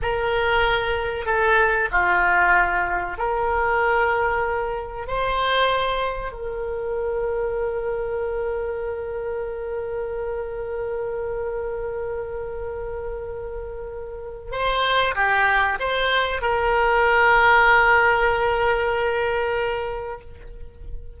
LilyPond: \new Staff \with { instrumentName = "oboe" } { \time 4/4 \tempo 4 = 95 ais'2 a'4 f'4~ | f'4 ais'2. | c''2 ais'2~ | ais'1~ |
ais'1~ | ais'2. c''4 | g'4 c''4 ais'2~ | ais'1 | }